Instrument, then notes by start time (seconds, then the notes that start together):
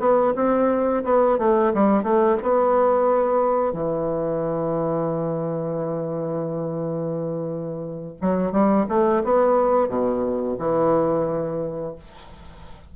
bassoon
0.00 B3
0.36 C4
1.05 B3
1.39 A3
1.75 G3
2.04 A3
2.43 B3
3.73 E3
8.22 F#3
8.53 G3
8.89 A3
9.24 B3
9.89 B2
10.59 E3